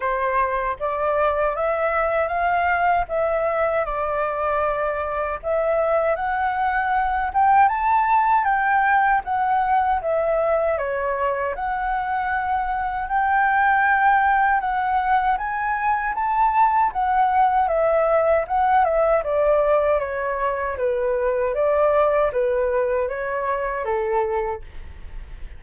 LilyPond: \new Staff \with { instrumentName = "flute" } { \time 4/4 \tempo 4 = 78 c''4 d''4 e''4 f''4 | e''4 d''2 e''4 | fis''4. g''8 a''4 g''4 | fis''4 e''4 cis''4 fis''4~ |
fis''4 g''2 fis''4 | gis''4 a''4 fis''4 e''4 | fis''8 e''8 d''4 cis''4 b'4 | d''4 b'4 cis''4 a'4 | }